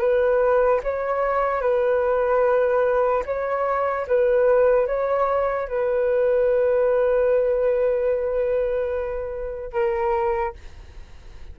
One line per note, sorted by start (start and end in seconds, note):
0.00 0.81 B4
0.84 1.62 C#5
1.62 3.24 B4
3.26 4.07 C#5
4.08 4.88 B4
4.88 5.69 C#5
5.69 9.73 B4
9.73 10.54 A#4